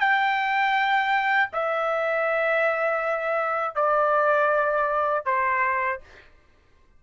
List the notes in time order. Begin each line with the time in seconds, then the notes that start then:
0.00 G5
1.53 E5
3.75 D5
5.25 C5